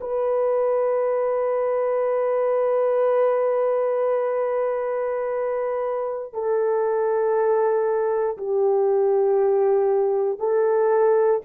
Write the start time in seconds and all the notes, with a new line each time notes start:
0.00 B4
6.33 A4
8.37 G4
10.39 A4